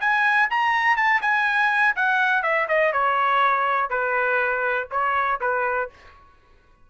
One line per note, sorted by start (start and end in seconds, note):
0.00 0.49 G#5
0.50 0.96 A#5
0.96 1.21 A5
1.21 1.95 G#5
1.96 2.43 F#5
2.43 2.67 E5
2.68 2.92 D#5
2.92 3.90 C#5
3.90 4.88 B4
4.91 5.40 C#5
5.41 5.90 B4